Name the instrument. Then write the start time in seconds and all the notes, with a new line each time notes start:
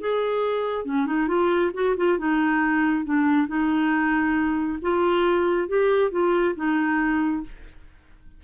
clarinet
0.00 G#4
0.85 C#4
1.06 D#4
1.27 F4
1.74 F#4
1.96 F4
2.18 D#4
3.04 D4
3.47 D#4
4.82 F4
5.68 G4
6.11 F4
6.55 D#4